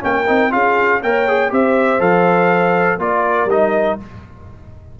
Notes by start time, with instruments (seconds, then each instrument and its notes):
0.00 tuba A#3, trombone C#4, horn A#4, trumpet G5
0.27 tuba C4, trombone D#4
0.50 tuba C#4, trombone F4, horn G#4, trumpet F5
1.02 tuba A#3, trombone A#4, horn C#5, trumpet G5
1.27 trombone G#4
1.50 tuba C4, trombone G4, horn C5, trumpet E5
1.99 tuba F3, trombone A4, trumpet F5
2.98 tuba A#3, trombone F4, horn A#4, trumpet D5
3.46 tuba G3, trombone D#4, trumpet D#5